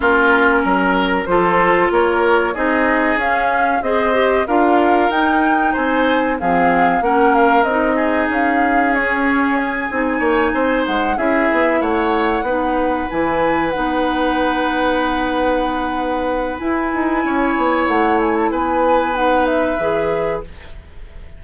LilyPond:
<<
  \new Staff \with { instrumentName = "flute" } { \time 4/4 \tempo 4 = 94 ais'2 c''4 cis''4 | dis''4 f''4 dis''4 f''4 | g''4 gis''4 f''4 fis''8 f''8 | dis''4 f''4 cis''4 gis''4~ |
gis''4 fis''8 e''4 fis''4.~ | fis''8 gis''4 fis''2~ fis''8~ | fis''2 gis''2 | fis''8 gis''16 a''16 gis''4 fis''8 e''4. | }
  \new Staff \with { instrumentName = "oboe" } { \time 4/4 f'4 ais'4 a'4 ais'4 | gis'2 c''4 ais'4~ | ais'4 c''4 gis'4 ais'4~ | ais'8 gis'2.~ gis'8 |
cis''8 c''4 gis'4 cis''4 b'8~ | b'1~ | b'2. cis''4~ | cis''4 b'2. | }
  \new Staff \with { instrumentName = "clarinet" } { \time 4/4 cis'2 f'2 | dis'4 cis'4 gis'8 g'8 f'4 | dis'2 c'4 cis'4 | dis'2 cis'4. dis'8~ |
dis'4. e'2 dis'8~ | dis'8 e'4 dis'2~ dis'8~ | dis'2 e'2~ | e'2 dis'4 gis'4 | }
  \new Staff \with { instrumentName = "bassoon" } { \time 4/4 ais4 fis4 f4 ais4 | c'4 cis'4 c'4 d'4 | dis'4 c'4 f4 ais4 | c'4 cis'2~ cis'8 c'8 |
ais8 c'8 gis8 cis'8 b8 a4 b8~ | b8 e4 b2~ b8~ | b2 e'8 dis'8 cis'8 b8 | a4 b2 e4 | }
>>